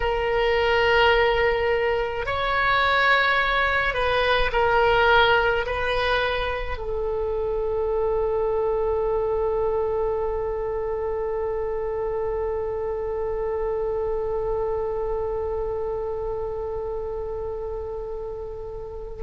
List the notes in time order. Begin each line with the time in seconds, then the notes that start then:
0.00 A#4
2.25 C#5
3.94 B4
4.52 A#4
5.66 B4
6.77 A4